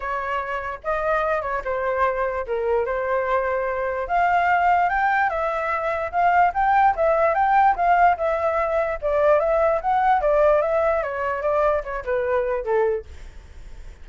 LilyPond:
\new Staff \with { instrumentName = "flute" } { \time 4/4 \tempo 4 = 147 cis''2 dis''4. cis''8 | c''2 ais'4 c''4~ | c''2 f''2 | g''4 e''2 f''4 |
g''4 e''4 g''4 f''4 | e''2 d''4 e''4 | fis''4 d''4 e''4 cis''4 | d''4 cis''8 b'4. a'4 | }